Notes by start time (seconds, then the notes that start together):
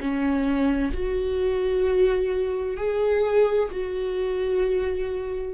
0.00 C#4
0.93 F#4
2.77 G#4
3.71 F#4